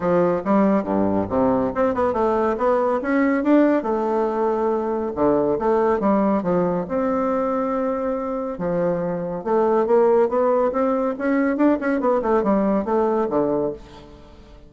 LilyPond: \new Staff \with { instrumentName = "bassoon" } { \time 4/4 \tempo 4 = 140 f4 g4 g,4 c4 | c'8 b8 a4 b4 cis'4 | d'4 a2. | d4 a4 g4 f4 |
c'1 | f2 a4 ais4 | b4 c'4 cis'4 d'8 cis'8 | b8 a8 g4 a4 d4 | }